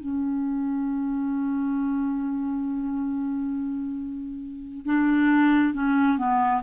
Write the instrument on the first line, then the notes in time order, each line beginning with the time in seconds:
clarinet
0.00 C#4
4.85 D4
5.74 C#4
6.18 B3